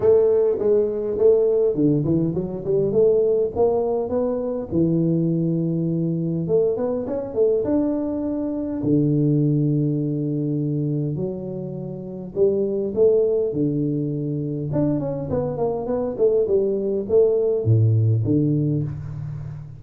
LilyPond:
\new Staff \with { instrumentName = "tuba" } { \time 4/4 \tempo 4 = 102 a4 gis4 a4 d8 e8 | fis8 g8 a4 ais4 b4 | e2. a8 b8 | cis'8 a8 d'2 d4~ |
d2. fis4~ | fis4 g4 a4 d4~ | d4 d'8 cis'8 b8 ais8 b8 a8 | g4 a4 a,4 d4 | }